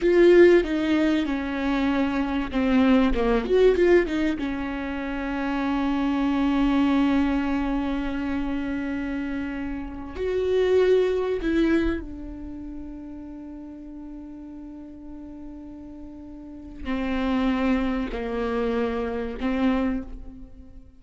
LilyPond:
\new Staff \with { instrumentName = "viola" } { \time 4/4 \tempo 4 = 96 f'4 dis'4 cis'2 | c'4 ais8 fis'8 f'8 dis'8 cis'4~ | cis'1~ | cis'1~ |
cis'16 fis'2 e'4 d'8.~ | d'1~ | d'2. c'4~ | c'4 ais2 c'4 | }